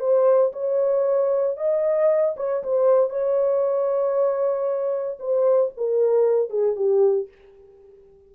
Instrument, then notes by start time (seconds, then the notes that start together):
horn
0.00 C5
0.53 C#5
1.57 D#5
2.37 C#5
2.63 C5
3.10 C#5
5.20 C5
5.77 A#4
6.50 G#4
6.76 G4